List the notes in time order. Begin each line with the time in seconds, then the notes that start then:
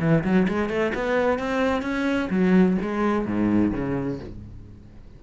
0.00 E3
0.24 F#3
0.48 G#3
0.69 A3
0.94 B3
1.39 C4
1.82 C#4
2.30 F#3
2.81 G#3
3.26 G#2
3.73 C#3